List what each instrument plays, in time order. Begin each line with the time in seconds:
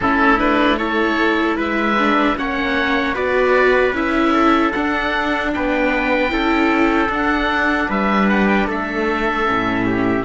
0.00 cello A3, viola C#4, trumpet E4, oboe A4
0.38 viola D4, oboe B4
0.77 viola E4, trumpet A4, oboe C#5
1.56 cello G#3, trumpet B4, oboe E5
1.98 viola D4
2.36 cello A#3, viola C#4, trumpet C#5, oboe F#5
3.14 cello B3, viola F#4, trumpet B4, oboe D5
3.92 cello C#4, viola E4, oboe E5
4.33 trumpet A4
4.72 viola D4, cello D4, oboe F#5
5.54 cello B3, trumpet B4, oboe G5
6.29 cello C#4, viola E4, trumpet A4
7.08 cello D4, viola D4, oboe F#5
7.89 cello G3, trumpet B4, oboe E5
8.29 oboe F#5
8.47 oboe G5
8.67 cello A3, trumpet A4, oboe E5
9.45 cello A2, viola C#4
9.86 trumpet G4